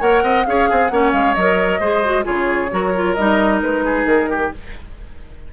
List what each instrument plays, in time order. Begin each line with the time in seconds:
0.00 bassoon A#3, clarinet A#4, oboe C#5, flute F#5
0.23 bassoon C4, oboe D#5
0.45 bassoon C#4, clarinet G#4, oboe C#5, flute F5
0.69 bassoon C4, oboe G#4
0.88 bassoon A#3, clarinet C#4, oboe C#5, flute F#5
1.12 bassoon G#3, flute F5
1.34 bassoon F#3, clarinet A#4, flute D#5
1.80 bassoon G#3, clarinet G#4, oboe C5
2.04 clarinet F#4
2.23 bassoon C#3, clarinet F4, oboe G#4, flute C#5
2.71 bassoon F#3, clarinet F#4, oboe A#4
2.95 clarinet F4
3.14 bassoon G3, clarinet D#4, flute D#5
3.62 bassoon G#3, flute B4
3.85 oboe G#4
4.05 bassoon D#3, flute A#4
4.30 oboe G4